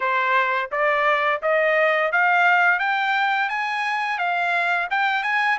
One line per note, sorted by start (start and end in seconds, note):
0.00 0.70 C5
0.71 1.41 D5
1.42 2.12 D#5
2.12 2.79 F5
2.79 3.49 G5
3.49 4.18 G#5
4.18 4.88 F5
4.90 5.23 G5
5.23 5.58 G#5